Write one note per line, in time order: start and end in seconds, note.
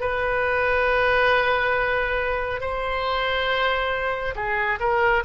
0.00 2.60 B4
2.60 4.34 C5
4.35 4.79 G#4
4.79 5.23 A#4